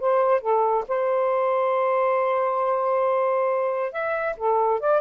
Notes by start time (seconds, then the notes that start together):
0.00 C5
0.41 A4
0.88 C5
3.92 E5
4.37 A4
4.80 D5